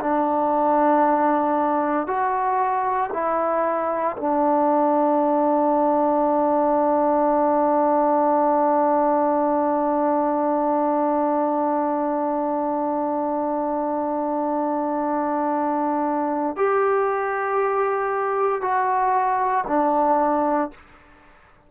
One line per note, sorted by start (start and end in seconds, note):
0.00 2.06 D4
2.06 3.10 F#4
3.13 4.16 E4
4.17 16.56 D4
16.56 18.61 G4
18.61 19.65 F#4
19.67 20.71 D4